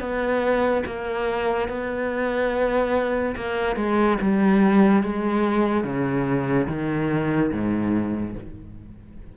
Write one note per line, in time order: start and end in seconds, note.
0.00 0.83 B3
0.86 1.69 A#3
1.69 3.35 B3
3.36 3.76 A#3
3.76 4.18 G#3
4.21 5.03 G3
5.03 5.84 G#3
5.84 6.67 C#3
6.68 7.51 D#3
7.52 8.35 G#2